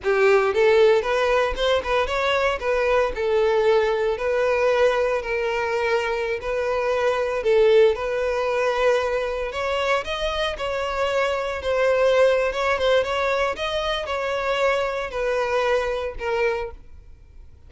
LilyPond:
\new Staff \with { instrumentName = "violin" } { \time 4/4 \tempo 4 = 115 g'4 a'4 b'4 c''8 b'8 | cis''4 b'4 a'2 | b'2 ais'2~ | ais'16 b'2 a'4 b'8.~ |
b'2~ b'16 cis''4 dis''8.~ | dis''16 cis''2 c''4.~ c''16 | cis''8 c''8 cis''4 dis''4 cis''4~ | cis''4 b'2 ais'4 | }